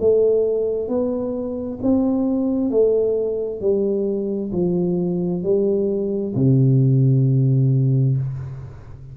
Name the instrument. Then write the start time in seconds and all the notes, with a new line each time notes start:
tuba
0.00 A3
0.88 B3
1.82 C4
2.71 A3
3.60 G3
4.52 F3
5.43 G3
6.35 C3